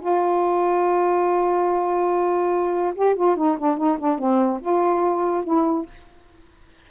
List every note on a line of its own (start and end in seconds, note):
0.00 2.94 F4
2.95 3.15 G4
3.15 3.36 F4
3.36 3.57 D#4
3.57 3.77 D4
3.77 3.98 D#4
3.98 4.18 D4
4.18 4.60 C4
4.61 5.44 F4
5.44 5.86 E4